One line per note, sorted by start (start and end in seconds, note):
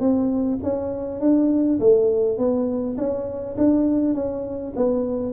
0.00 0.59 C4
0.63 1.20 C#4
1.20 1.79 D4
1.79 2.38 A3
2.38 2.97 B3
2.98 3.56 C#4
3.57 4.14 D4
4.14 4.73 C#4
4.76 5.32 B3